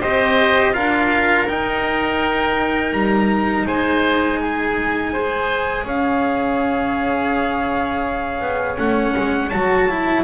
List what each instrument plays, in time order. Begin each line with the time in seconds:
0.00 double bass C4, cello G4, oboe C5, trumpet D#5
0.72 double bass D4, cello F4, oboe A#4, trumpet F5
1.48 double bass D#4, cello D#4, trumpet G5
2.92 double bass G3, trumpet A#5
3.66 double bass G#3, oboe C5, trumpet G#5
4.41 oboe G#4
5.12 cello G#4, oboe C5
5.84 double bass C#4, oboe C#5, trumpet F5
8.40 double bass B3
8.77 double bass A3, cello C#4, trumpet F#5
9.16 double bass G#3
9.49 double bass F#3, cello F#4, trumpet A5
9.88 cello E4